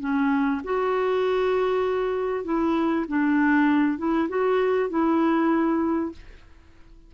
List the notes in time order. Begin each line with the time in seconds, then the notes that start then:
0.00 C#4
0.64 F#4
2.44 E4
3.08 D4
3.98 E4
4.29 F#4
4.90 E4